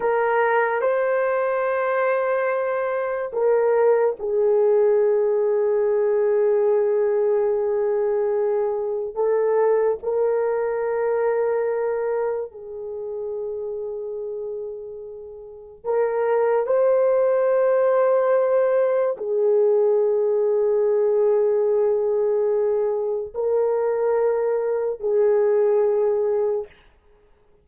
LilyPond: \new Staff \with { instrumentName = "horn" } { \time 4/4 \tempo 4 = 72 ais'4 c''2. | ais'4 gis'2.~ | gis'2. a'4 | ais'2. gis'4~ |
gis'2. ais'4 | c''2. gis'4~ | gis'1 | ais'2 gis'2 | }